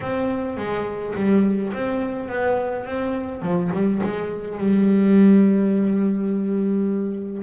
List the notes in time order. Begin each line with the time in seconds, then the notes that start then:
0.01 C4
0.57 G#3
1.15 G3
1.73 C4
2.29 B3
2.85 C4
3.42 F3
3.73 G3
4.03 G#3
4.57 G3